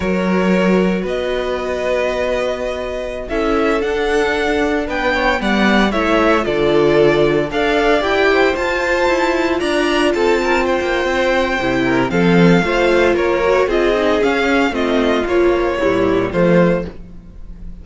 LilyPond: <<
  \new Staff \with { instrumentName = "violin" } { \time 4/4 \tempo 4 = 114 cis''2 dis''2~ | dis''2~ dis''16 e''4 fis''8.~ | fis''4~ fis''16 g''4 fis''4 e''8.~ | e''16 d''2 f''4 g''8.~ |
g''16 a''2 ais''4 a''8.~ | a''16 g''2~ g''8. f''4~ | f''4 cis''4 dis''4 f''4 | dis''4 cis''2 c''4 | }
  \new Staff \with { instrumentName = "violin" } { \time 4/4 ais'2 b'2~ | b'2~ b'16 a'4.~ a'16~ | a'4~ a'16 b'8 cis''8 d''4 cis''8.~ | cis''16 a'2 d''4. c''16~ |
c''2~ c''16 d''4 a'8 ais'16~ | ais'16 c''2~ c''16 ais'8 a'4 | c''4 ais'4 gis'2 | f'2 e'4 f'4 | }
  \new Staff \with { instrumentName = "viola" } { \time 4/4 fis'1~ | fis'2~ fis'16 e'4 d'8.~ | d'2~ d'16 b4 e'8.~ | e'16 f'2 a'4 g'8.~ |
g'16 f'2.~ f'8.~ | f'2 e'4 c'4 | f'4. fis'8 f'8 dis'8 cis'4 | c'4 f4 g4 a4 | }
  \new Staff \with { instrumentName = "cello" } { \time 4/4 fis2 b2~ | b2~ b16 cis'4 d'8.~ | d'4~ d'16 b4 g4 a8.~ | a16 d2 d'4 e'8.~ |
e'16 f'4 e'4 d'4 c'8.~ | c'8 ais8 c'4 c4 f4 | a4 ais4 c'4 cis'4 | a4 ais4 ais,4 f4 | }
>>